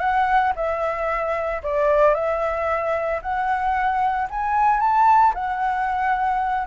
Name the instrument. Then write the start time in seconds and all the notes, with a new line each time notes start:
flute
0.00 F#5
0.56 E5
1.63 D5
2.15 E5
3.22 F#5
4.30 G#5
4.80 A5
5.34 F#5